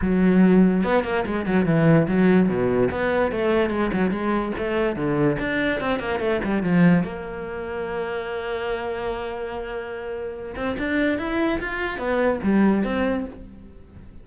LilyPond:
\new Staff \with { instrumentName = "cello" } { \time 4/4 \tempo 4 = 145 fis2 b8 ais8 gis8 fis8 | e4 fis4 b,4 b4 | a4 gis8 fis8 gis4 a4 | d4 d'4 c'8 ais8 a8 g8 |
f4 ais2.~ | ais1~ | ais4. c'8 d'4 e'4 | f'4 b4 g4 c'4 | }